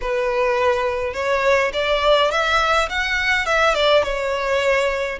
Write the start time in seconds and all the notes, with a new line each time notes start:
0.01 B4
1.13 C#5
1.73 D5
2.31 E5
2.89 F#5
3.46 E5
3.74 D5
4.03 C#5